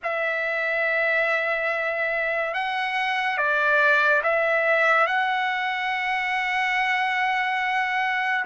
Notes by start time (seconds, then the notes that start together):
0.03 E5
2.54 F#5
3.37 D5
4.23 E5
5.06 F#5